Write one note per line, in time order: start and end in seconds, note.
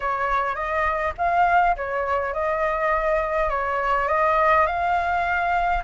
0.00 0.55 C#5
0.55 1.13 D#5
1.17 1.76 F5
1.76 2.33 C#5
2.33 3.49 D#5
3.49 4.08 C#5
4.08 4.66 D#5
4.66 5.83 F5